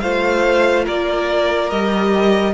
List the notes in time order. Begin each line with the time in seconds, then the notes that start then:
0.00 A3 F4 C5 F5
0.85 A#3 A#4 D5
1.70 G3 G4 D#5